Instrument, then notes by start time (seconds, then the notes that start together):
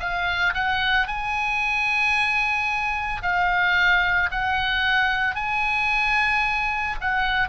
oboe
0.00 F5
0.54 F#5
1.07 G#5
3.22 F5
4.31 F#5
5.35 G#5
7.01 F#5